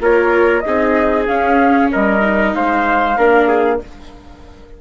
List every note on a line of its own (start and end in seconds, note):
0.00 0.63 A#3
0.00 0.64 F4
0.00 0.65 A#4
0.00 0.60 C#5
0.60 1.28 D#4
0.60 1.92 G#4
0.60 1.23 D#5
0.66 1.27 C4
1.27 1.90 C#4
1.27 2.21 C#4
1.27 1.90 F5
1.92 2.54 G3
1.92 2.55 A#4
1.92 2.54 D#5
2.21 3.16 D#4
2.54 3.18 G#3
2.54 3.18 C5
2.54 3.81 F5
3.18 3.81 A#3
3.18 3.81 D4
3.18 3.48 A#4
3.48 3.79 G#4